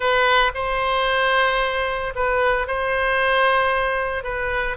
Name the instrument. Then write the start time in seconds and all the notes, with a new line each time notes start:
oboe
0.00 B4
0.54 C5
2.15 B4
2.67 C5
4.23 B4